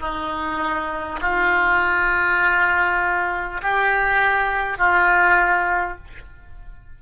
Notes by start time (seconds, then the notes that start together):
0.00 D#4
1.22 F4
3.62 G4
4.78 F4